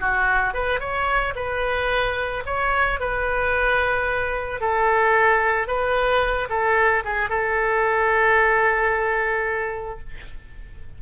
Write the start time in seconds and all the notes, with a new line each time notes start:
0.00 F#4
0.54 B4
0.79 C#5
1.35 B4
2.45 C#5
3.00 B4
4.60 A4
5.67 B4
6.49 A4
7.05 G#4
7.29 A4